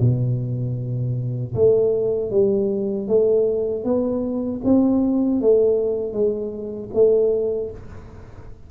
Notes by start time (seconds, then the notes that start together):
0.00 B2
1.55 A3
2.31 G3
3.08 A3
3.84 B3
4.64 C4
5.41 A3
6.13 G#3
6.94 A3